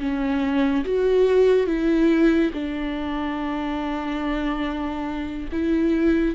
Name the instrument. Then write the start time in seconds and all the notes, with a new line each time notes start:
viola
0.00 C#4
0.85 F#4
1.67 E4
2.54 D4
5.52 E4